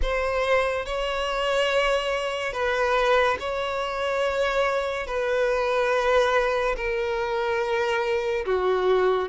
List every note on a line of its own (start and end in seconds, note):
0.02 0.85 C5
0.85 2.52 C#5
2.52 3.37 B4
3.39 5.06 C#5
5.06 6.75 B4
6.76 8.45 A#4
8.45 9.28 F#4